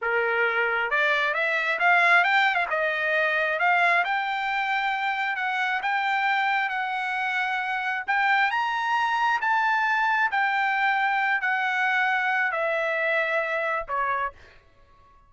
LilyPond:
\new Staff \with { instrumentName = "trumpet" } { \time 4/4 \tempo 4 = 134 ais'2 d''4 e''4 | f''4 g''8. f''16 dis''2 | f''4 g''2. | fis''4 g''2 fis''4~ |
fis''2 g''4 ais''4~ | ais''4 a''2 g''4~ | g''4. fis''2~ fis''8 | e''2. cis''4 | }